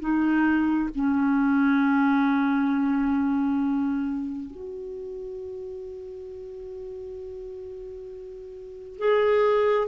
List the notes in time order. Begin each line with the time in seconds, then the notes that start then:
0.00 D#4
0.95 C#4
4.51 F#4
8.98 G#4